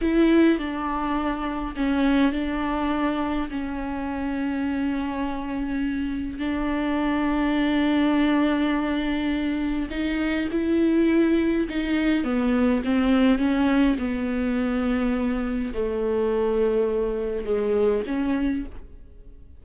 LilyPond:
\new Staff \with { instrumentName = "viola" } { \time 4/4 \tempo 4 = 103 e'4 d'2 cis'4 | d'2 cis'2~ | cis'2. d'4~ | d'1~ |
d'4 dis'4 e'2 | dis'4 b4 c'4 cis'4 | b2. a4~ | a2 gis4 cis'4 | }